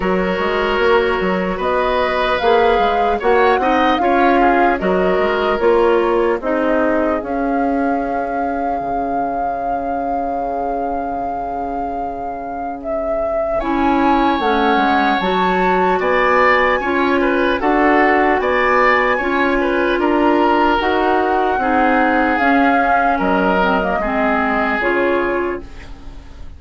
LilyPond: <<
  \new Staff \with { instrumentName = "flute" } { \time 4/4 \tempo 4 = 75 cis''2 dis''4 f''4 | fis''4 f''4 dis''4 cis''4 | dis''4 f''2.~ | f''1 |
e''4 gis''4 fis''4 a''4 | gis''2 fis''4 gis''4~ | gis''4 ais''4 fis''2 | f''4 dis''2 cis''4 | }
  \new Staff \with { instrumentName = "oboe" } { \time 4/4 ais'2 b'2 | cis''8 dis''8 cis''8 gis'8 ais'2 | gis'1~ | gis'1~ |
gis'4 cis''2. | d''4 cis''8 b'8 a'4 d''4 | cis''8 b'8 ais'2 gis'4~ | gis'4 ais'4 gis'2 | }
  \new Staff \with { instrumentName = "clarinet" } { \time 4/4 fis'2. gis'4 | fis'8 dis'8 f'4 fis'4 f'4 | dis'4 cis'2.~ | cis'1~ |
cis'4 e'4 cis'4 fis'4~ | fis'4 f'4 fis'2 | f'2 fis'4 dis'4 | cis'4. c'16 ais16 c'4 f'4 | }
  \new Staff \with { instrumentName = "bassoon" } { \time 4/4 fis8 gis8 ais8 fis8 b4 ais8 gis8 | ais8 c'8 cis'4 fis8 gis8 ais4 | c'4 cis'2 cis4~ | cis1~ |
cis4 cis'4 a8 gis8 fis4 | b4 cis'4 d'4 b4 | cis'4 d'4 dis'4 c'4 | cis'4 fis4 gis4 cis4 | }
>>